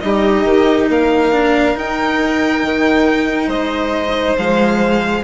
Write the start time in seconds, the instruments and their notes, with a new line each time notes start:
0.00 bassoon G3, cello D#4, violin G4 D#5
0.44 bassoon D#3
0.88 bassoon A#3, violin A#4 F5
1.32 cello D4
1.75 cello D#4, bassoon D#4, violin G5
2.63 bassoon D#3
3.47 bassoon G#3, violin C5 D#5
4.36 bassoon F3, cello G#3, violin F5